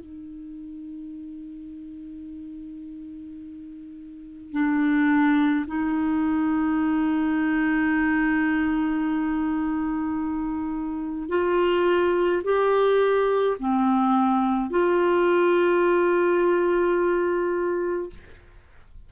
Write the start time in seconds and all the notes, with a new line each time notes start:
0.00 D#4
4.52 D4
5.67 D#4
11.30 F4
12.44 G4
13.60 C4
14.71 F4